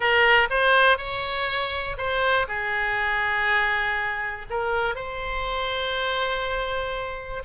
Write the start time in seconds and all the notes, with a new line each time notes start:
0.00 A#4
0.50 C5
0.97 C#5
1.97 C5
2.47 G#4
4.50 A#4
4.95 C5